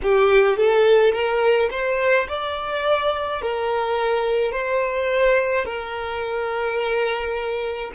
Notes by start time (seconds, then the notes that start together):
0.02 G4
0.57 A4
1.12 A#4
1.70 C5
2.28 D5
3.41 A#4
4.52 C5
5.64 A#4